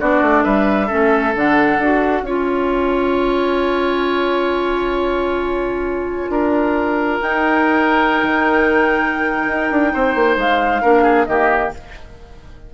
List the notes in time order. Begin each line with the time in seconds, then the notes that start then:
0.00 B3 D4 F#4 D5
0.22 A3
0.44 G3 B4 E5
0.87 C#4 A4
0.93 A3
1.36 D3 D4 F#5
1.79 D4 F#4
2.22 C#4 F4 C#5 G#5
6.29 D4 A#4
7.22 D#4 G5
8.24 D#3
9.48 D#4
9.71 D4
9.94 C4 C5
10.16 A#3
10.37 G#3 F5
10.82 A#3 D4 A#4
11.03 G#4
11.26 D#3 A#3 G4 D#5